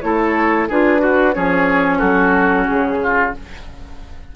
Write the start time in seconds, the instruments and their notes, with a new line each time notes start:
0.00 bassoon A3, clarinet E4, oboe A4, flute C#5
0.68 bassoon D4, clarinet F4, oboe G#4, flute B4
0.98 clarinet F#4, oboe F#4
1.33 bassoon F3, clarinet C#4, oboe G#4, flute C#5
1.98 bassoon F#3, oboe F#4, flute A4
2.67 bassoon C#3, flute G#4
3.02 oboe F4